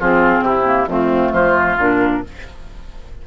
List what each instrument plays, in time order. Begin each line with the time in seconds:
0.00 bassoon F3, clarinet C4, oboe F4, flute G#4
0.41 bassoon C3, oboe E4, flute G4
0.66 clarinet A#3
0.88 bassoon F2, clarinet A3, oboe C4, flute F4
1.33 bassoon F3, oboe F4, flute C5
1.79 bassoon A#2, clarinet D4, flute A#4